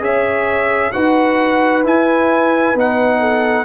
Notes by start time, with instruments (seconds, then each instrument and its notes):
0.00 tuba C#4, trombone G#4, horn C#5, trumpet E5
0.92 tuba D#4, trombone F#4, horn B4, trumpet F#5
1.84 trombone E4, tuba E4, trumpet G#5
2.75 tuba B3, trombone D#4, trumpet F#5
3.20 horn A4